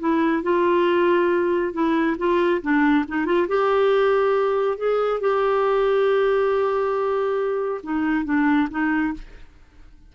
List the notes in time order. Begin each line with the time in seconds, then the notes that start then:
0.00 E4
0.43 F4
1.74 E4
2.18 F4
2.62 D4
3.08 D#4
3.26 F4
3.48 G4
4.78 G#4
5.21 G4
7.84 D#4
8.25 D4
8.71 D#4